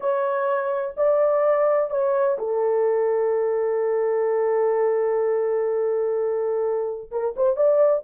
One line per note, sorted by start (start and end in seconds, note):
0.00 0.94 C#5
0.96 1.90 D5
1.90 2.37 C#5
2.38 7.10 A4
7.11 7.34 A#4
7.36 7.56 C5
7.56 8.03 D5